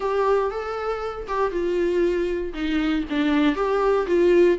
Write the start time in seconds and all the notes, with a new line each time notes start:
0.00 G4
0.51 A4
1.27 G4
1.51 F4
2.53 D#4
3.09 D4
3.55 G4
4.07 F4